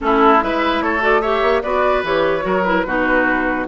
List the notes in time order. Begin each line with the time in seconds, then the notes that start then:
0.01 A3 C#4 E4 A4
0.40 G#3 E4 B4 E5
0.81 A3 A4 C#5
0.99 F#4 D5
1.21 G4 C#5 E5
1.42 A#3
1.62 B3 F#4 B4 D5
2.03 E3 G4 C#5
2.41 F#3 F#4 A#4
2.64 E4 B4
2.85 B2 D#4 F#4